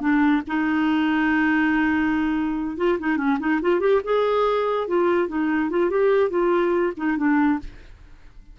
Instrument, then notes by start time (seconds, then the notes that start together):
clarinet
0.00 D4
0.47 D#4
2.77 F4
2.99 D#4
3.17 C#4
3.39 D#4
3.61 F4
3.80 G4
4.04 G#4
4.87 F4
5.28 D#4
5.70 F4
5.90 G4
6.30 F4
6.97 D#4
7.17 D4